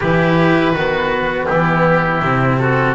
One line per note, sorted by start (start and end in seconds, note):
0.00 0.72 E3
0.00 0.75 E4
0.00 0.73 G4
0.00 1.45 B4
0.72 1.46 D#3
0.72 2.22 B3
0.72 1.47 F#4
1.45 2.22 E3
1.45 2.60 E4
1.45 2.56 G4
2.22 2.95 C3
2.22 2.95 C4
2.57 2.95 F#4
2.57 2.94 A4